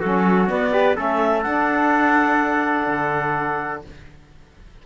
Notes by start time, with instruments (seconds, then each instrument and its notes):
0.00 cello F#3, saxophone C#4, trumpet F#4, clarinet A4
0.48 saxophone B3, cello B3, clarinet D5
0.72 saxophone G4, trumpet B4
0.95 cello A3, saxophone C#4, trumpet A4, clarinet E5
1.42 cello D4, saxophone D4, clarinet F#5
2.87 cello D3